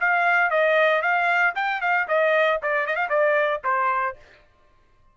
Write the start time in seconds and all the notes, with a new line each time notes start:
0.00 F5
0.51 D#5
1.02 F5
1.55 G5
1.81 F5
2.08 D#5
2.62 D5
2.86 D#5
2.95 F5
3.09 D5
3.64 C5